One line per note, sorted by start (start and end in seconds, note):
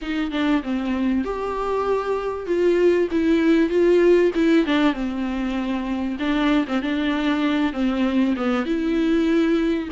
0.01 0.31 D#4
0.31 0.62 D4
0.62 1.24 C4
1.24 2.46 G4
2.46 3.08 F4
3.11 3.69 E4
3.69 4.31 F4
4.35 4.66 E4
4.66 4.93 D4
4.93 6.17 C4
6.19 6.65 D4
6.67 6.82 C4
6.82 7.73 D4
7.73 8.34 C4
8.36 8.65 B3
8.65 9.89 E4